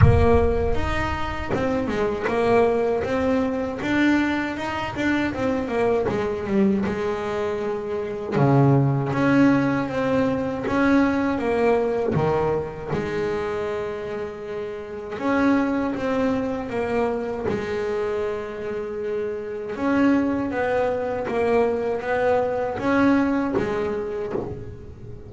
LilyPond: \new Staff \with { instrumentName = "double bass" } { \time 4/4 \tempo 4 = 79 ais4 dis'4 c'8 gis8 ais4 | c'4 d'4 dis'8 d'8 c'8 ais8 | gis8 g8 gis2 cis4 | cis'4 c'4 cis'4 ais4 |
dis4 gis2. | cis'4 c'4 ais4 gis4~ | gis2 cis'4 b4 | ais4 b4 cis'4 gis4 | }